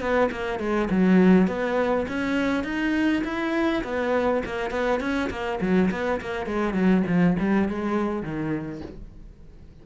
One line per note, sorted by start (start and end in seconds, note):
0.00 0.29 B3
0.31 0.59 A#3
0.59 0.88 G#3
0.90 1.47 F#3
1.47 2.06 B3
2.08 2.64 C#4
2.64 3.22 D#4
3.24 3.83 E4
3.84 4.43 B3
4.45 4.70 A#3
4.70 5.00 B3
5.00 5.29 C#4
5.30 5.59 A#3
5.61 5.90 F#3
5.91 6.20 B3
6.21 6.46 A#3
6.46 6.73 G#3
6.73 7.03 F#3
7.07 7.36 F3
7.39 7.68 G3
7.68 8.22 G#3
8.22 8.81 D#3